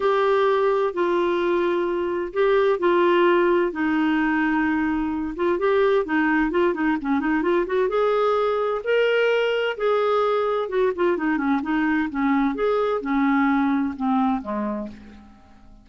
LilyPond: \new Staff \with { instrumentName = "clarinet" } { \time 4/4 \tempo 4 = 129 g'2 f'2~ | f'4 g'4 f'2 | dis'2.~ dis'8 f'8 | g'4 dis'4 f'8 dis'8 cis'8 dis'8 |
f'8 fis'8 gis'2 ais'4~ | ais'4 gis'2 fis'8 f'8 | dis'8 cis'8 dis'4 cis'4 gis'4 | cis'2 c'4 gis4 | }